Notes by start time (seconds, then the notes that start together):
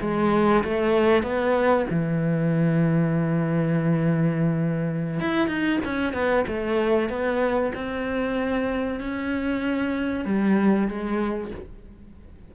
0.00 G#3
0.63 A3
1.23 B3
1.90 E3
5.20 E4
5.47 D#4
5.84 C#4
6.13 B3
6.47 A3
7.09 B3
7.74 C4
9.00 C#4
10.25 G3
10.88 G#3